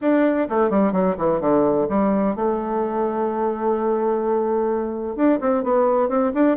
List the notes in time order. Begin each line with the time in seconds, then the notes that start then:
0.01 D4
0.49 A3
0.69 G3
0.92 F#3
1.17 E3
1.40 D3
1.88 G3
2.35 A3
5.15 D4
5.40 C4
5.63 B3
6.08 C4
6.34 D4